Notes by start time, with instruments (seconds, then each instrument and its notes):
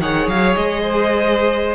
0.00 cello D#3, viola G#4, violin C#5 F#5
0.28 cello F#3, violin F5
0.56 cello G#3, violin D#5
0.82 violin C5